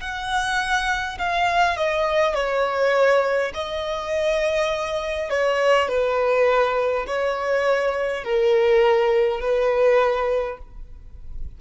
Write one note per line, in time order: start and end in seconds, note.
0.00 1.18 F#5
1.18 1.76 F5
1.76 2.34 D#5
2.34 3.52 C#5
3.53 5.29 D#5
5.29 5.88 C#5
5.88 7.06 B4
7.06 8.24 C#5
8.24 9.40 A#4
9.40 10.58 B4